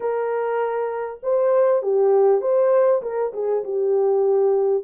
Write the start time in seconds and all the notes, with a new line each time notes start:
0.00 A#4
1.22 C5
1.82 G4
2.41 C5
3.02 A#4
3.33 G#4
3.64 G4